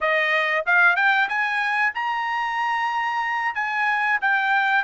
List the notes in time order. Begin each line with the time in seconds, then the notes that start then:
0.00 D#5
0.65 F5
0.96 G5
1.28 G#5
1.94 A#5
3.55 G#5
4.21 G5